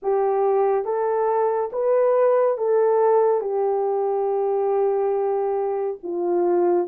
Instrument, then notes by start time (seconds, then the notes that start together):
horn
0.02 G4
0.85 A4
1.72 B4
2.57 A4
3.41 G4
6.03 F4